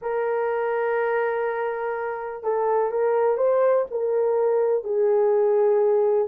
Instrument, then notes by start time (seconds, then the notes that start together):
horn
0.01 A#4
2.43 A4
2.91 A#4
3.37 C5
3.90 A#4
4.84 G#4